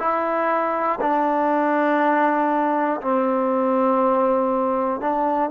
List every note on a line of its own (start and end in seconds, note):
0.00 1.00 E4
1.01 3.01 D4
3.01 5.01 C4
5.01 5.51 D4